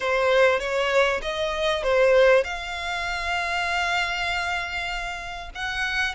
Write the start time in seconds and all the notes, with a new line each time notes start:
0.00 C5
0.59 C#5
1.21 D#5
1.83 C5
2.44 F5
5.54 F#5